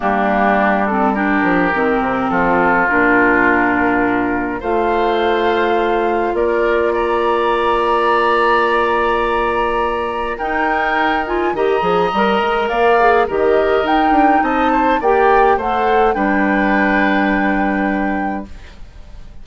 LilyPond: <<
  \new Staff \with { instrumentName = "flute" } { \time 4/4 \tempo 4 = 104 g'4. a'8 ais'2 | a'4 ais'2. | f''2. d''4 | ais''1~ |
ais''2 g''4. gis''8 | ais''2 f''4 dis''4 | g''4 a''4 g''4 fis''4 | g''1 | }
  \new Staff \with { instrumentName = "oboe" } { \time 4/4 d'2 g'2 | f'1 | c''2. ais'4 | d''1~ |
d''2 ais'2 | dis''2 d''4 ais'4~ | ais'4 dis''8 c''8 d''4 c''4 | b'1 | }
  \new Staff \with { instrumentName = "clarinet" } { \time 4/4 ais4. c'8 d'4 c'4~ | c'4 d'2. | f'1~ | f'1~ |
f'2 dis'4. f'8 | g'8 gis'8 ais'4. gis'8 g'4 | dis'2 g'4 a'4 | d'1 | }
  \new Staff \with { instrumentName = "bassoon" } { \time 4/4 g2~ g8 f8 dis8 c8 | f4 ais,2. | a2. ais4~ | ais1~ |
ais2 dis'2 | dis8 f8 g8 gis8 ais4 dis4 | dis'8 d'8 c'4 ais4 a4 | g1 | }
>>